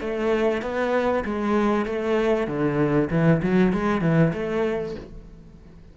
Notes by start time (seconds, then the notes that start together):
0.00 A3
0.62 B3
1.24 G#3
1.85 A3
2.47 D3
3.10 E3
3.42 F#3
3.72 G#3
4.01 E3
4.33 A3